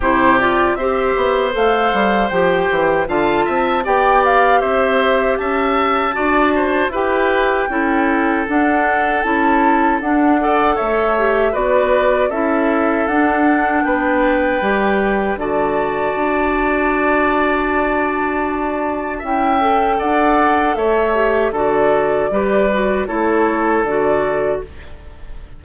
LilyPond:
<<
  \new Staff \with { instrumentName = "flute" } { \time 4/4 \tempo 4 = 78 c''8 d''8 e''4 f''4 g''4 | a''4 g''8 f''8 e''4 a''4~ | a''4 g''2 fis''4 | a''4 fis''4 e''4 d''4 |
e''4 fis''4 g''2 | a''1~ | a''4 g''4 fis''4 e''4 | d''2 cis''4 d''4 | }
  \new Staff \with { instrumentName = "oboe" } { \time 4/4 g'4 c''2. | f''8 e''8 d''4 c''4 e''4 | d''8 c''8 b'4 a'2~ | a'4. d''8 cis''4 b'4 |
a'2 b'2 | d''1~ | d''4 e''4 d''4 cis''4 | a'4 b'4 a'2 | }
  \new Staff \with { instrumentName = "clarinet" } { \time 4/4 e'8 f'8 g'4 a'4 g'4 | f'4 g'2. | fis'4 g'4 e'4 d'4 | e'4 d'8 a'4 g'8 fis'4 |
e'4 d'2 g'4 | fis'1~ | fis'4 e'8 a'2 g'8 | fis'4 g'8 fis'8 e'4 fis'4 | }
  \new Staff \with { instrumentName = "bassoon" } { \time 4/4 c4 c'8 b8 a8 g8 f8 e8 | d8 c'8 b4 c'4 cis'4 | d'4 e'4 cis'4 d'4 | cis'4 d'4 a4 b4 |
cis'4 d'4 b4 g4 | d4 d'2.~ | d'4 cis'4 d'4 a4 | d4 g4 a4 d4 | }
>>